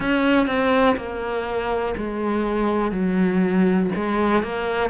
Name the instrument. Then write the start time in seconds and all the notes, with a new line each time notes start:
cello
0.00 C#4
0.46 C4
0.96 A#3
1.97 G#3
2.91 F#3
3.95 G#3
4.42 A#3